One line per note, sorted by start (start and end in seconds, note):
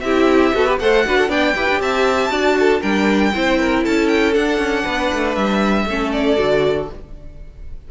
0.00 0.52 C4
0.00 0.55 E4
0.00 0.55 G4
0.00 0.76 E5
0.55 0.80 B3
0.55 0.67 F#4
0.55 0.66 A4
0.66 0.79 G4
0.66 0.79 B4
0.80 1.06 A3
0.80 1.06 A4
0.80 1.06 C5
0.80 1.30 F#5
1.06 1.29 D4
1.06 1.29 F#4
1.06 1.18 B4
1.18 1.29 A4
1.29 1.54 B3
1.29 1.54 D4
1.29 1.54 D5
1.29 1.81 G5
1.56 1.69 E4
1.56 2.30 G4
1.56 1.81 B4
1.69 1.80 D4
1.80 2.30 C4
1.80 2.31 E5
1.80 2.82 A5
2.30 2.81 D4
2.30 2.81 F#4
2.30 2.57 D5
2.59 2.81 A4
2.81 3.34 G3
2.81 3.33 D4
2.81 3.32 A#4
2.81 3.84 G5
3.34 3.86 C4
3.34 4.34 E4
3.34 3.60 C5
3.60 3.84 A#4
3.84 4.37 C#4
3.84 4.83 A4
3.84 4.08 A5
4.08 4.34 G5
4.34 5.86 D4
4.34 4.58 D4
4.34 5.35 F#5
4.58 4.84 C#4
4.83 5.12 B3
4.83 5.85 B4
5.13 5.37 A3
5.35 5.86 G3
5.35 6.11 E5
5.86 6.37 A3
5.86 6.37 C#4
5.86 6.91 A4
6.12 6.88 D5
6.37 6.89 D3
6.37 6.88 F#4